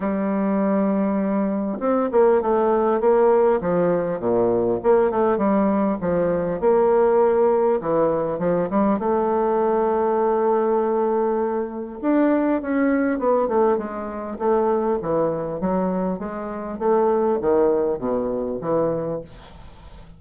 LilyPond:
\new Staff \with { instrumentName = "bassoon" } { \time 4/4 \tempo 4 = 100 g2. c'8 ais8 | a4 ais4 f4 ais,4 | ais8 a8 g4 f4 ais4~ | ais4 e4 f8 g8 a4~ |
a1 | d'4 cis'4 b8 a8 gis4 | a4 e4 fis4 gis4 | a4 dis4 b,4 e4 | }